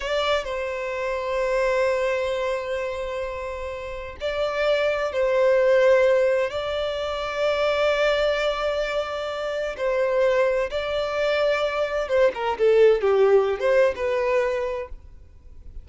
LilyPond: \new Staff \with { instrumentName = "violin" } { \time 4/4 \tempo 4 = 129 d''4 c''2.~ | c''1~ | c''4 d''2 c''4~ | c''2 d''2~ |
d''1~ | d''4 c''2 d''4~ | d''2 c''8 ais'8 a'4 | g'4~ g'16 c''8. b'2 | }